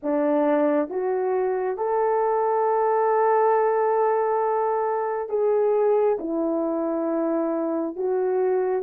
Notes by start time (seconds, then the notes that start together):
0.02 D4
0.89 F#4
1.76 A4
5.29 G#4
6.19 E4
7.96 F#4